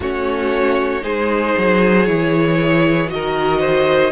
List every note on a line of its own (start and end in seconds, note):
0.00 1.03 A3
0.00 1.01 C#4
0.00 1.03 F#4
0.00 1.03 C#5
1.01 1.55 G#3
1.01 2.05 D#4
1.01 3.10 G#4
1.01 2.05 C5
1.58 2.09 F#3
2.05 3.12 E3
2.05 3.07 E4
2.05 3.09 C#5
3.07 4.12 D#3
3.07 4.11 F#4
3.07 4.12 D#5
3.14 3.60 A#4
3.60 4.12 C5